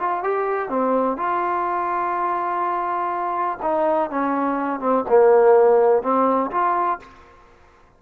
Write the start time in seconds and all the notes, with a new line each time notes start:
0.00 F4
0.24 G4
0.70 C4
1.17 F4
3.63 D#4
4.11 C#4
4.80 C4
5.09 A#3
6.03 C4
6.52 F4